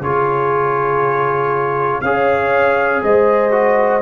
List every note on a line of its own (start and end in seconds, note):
0.00 2.00 C#3
0.00 2.03 F4
0.00 2.03 G#4
0.00 2.01 C#5
2.01 3.02 C#4
2.01 3.51 G#4
2.01 3.03 C#5
2.01 3.01 F5
3.03 4.01 G#3
3.03 4.01 C5
3.03 4.01 D#5
3.51 4.01 F#4